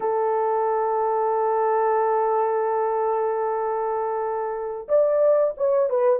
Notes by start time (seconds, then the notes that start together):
0.00 A4
4.88 D5
5.57 C#5
5.89 B4